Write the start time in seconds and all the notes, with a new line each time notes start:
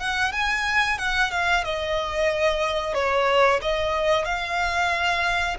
0.00 F#5
0.33 G#5
0.98 F#5
1.32 F5
1.65 D#5
2.95 C#5
3.62 D#5
4.26 F5